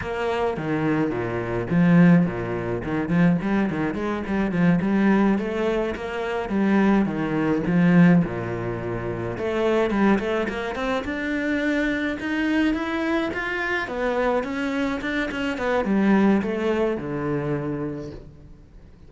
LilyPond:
\new Staff \with { instrumentName = "cello" } { \time 4/4 \tempo 4 = 106 ais4 dis4 ais,4 f4 | ais,4 dis8 f8 g8 dis8 gis8 g8 | f8 g4 a4 ais4 g8~ | g8 dis4 f4 ais,4.~ |
ais,8 a4 g8 a8 ais8 c'8 d'8~ | d'4. dis'4 e'4 f'8~ | f'8 b4 cis'4 d'8 cis'8 b8 | g4 a4 d2 | }